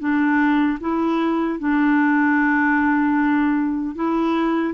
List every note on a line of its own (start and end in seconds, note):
0.00 0.79 D4
0.81 1.60 E4
1.60 3.96 D4
3.96 4.75 E4